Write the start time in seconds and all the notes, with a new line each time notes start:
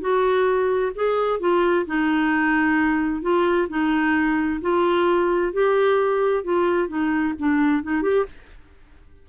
0.00 F#4
0.95 G#4
1.39 F4
1.86 D#4
3.22 F4
3.69 D#4
4.61 F4
5.53 G4
6.44 F4
6.88 D#4
7.39 D4
7.83 D#4
8.02 G4